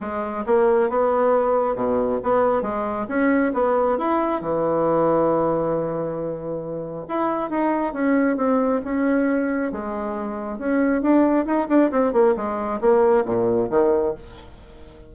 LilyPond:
\new Staff \with { instrumentName = "bassoon" } { \time 4/4 \tempo 4 = 136 gis4 ais4 b2 | b,4 b4 gis4 cis'4 | b4 e'4 e2~ | e1 |
e'4 dis'4 cis'4 c'4 | cis'2 gis2 | cis'4 d'4 dis'8 d'8 c'8 ais8 | gis4 ais4 ais,4 dis4 | }